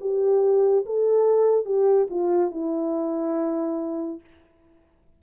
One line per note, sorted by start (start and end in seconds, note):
0.00 0.85 G4
0.85 1.65 A4
1.65 2.07 G4
2.09 2.51 F4
2.51 4.20 E4